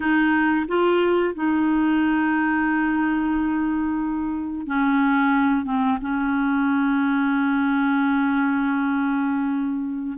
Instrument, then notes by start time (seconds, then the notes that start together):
clarinet
0.00 D#4
0.68 F4
1.34 D#4
4.67 C#4
5.65 C4
6.01 C#4